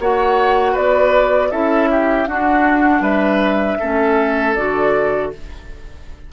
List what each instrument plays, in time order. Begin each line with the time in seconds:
0.00 bassoon A#3, clarinet F#4, oboe C#5, flute F#5
0.73 bassoon B3, oboe B4, flute D5
1.51 bassoon C#4, clarinet E4, oboe A4, flute E5
1.91 oboe G4
2.27 bassoon D4, clarinet D4, oboe F#4, flute F#5
3.01 bassoon G3, oboe B4, flute E5
3.80 bassoon A3, clarinet C#4, oboe A4
4.55 bassoon D3, clarinet F#4, flute D5